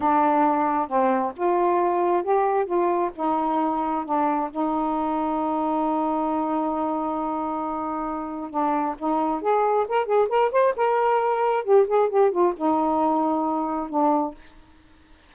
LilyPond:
\new Staff \with { instrumentName = "saxophone" } { \time 4/4 \tempo 4 = 134 d'2 c'4 f'4~ | f'4 g'4 f'4 dis'4~ | dis'4 d'4 dis'2~ | dis'1~ |
dis'2. d'4 | dis'4 gis'4 ais'8 gis'8 ais'8 c''8 | ais'2 g'8 gis'8 g'8 f'8 | dis'2. d'4 | }